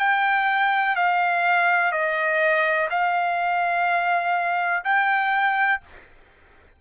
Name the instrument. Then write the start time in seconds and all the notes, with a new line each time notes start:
trumpet
0.00 G5
0.96 F5
1.92 D#5
2.91 F5
4.85 G5